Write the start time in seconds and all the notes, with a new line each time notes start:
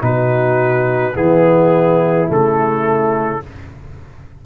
0.00 B2 D#4 F#4 B4
1.14 E3 B3 E4 G#4
2.27 C#3 A3 A4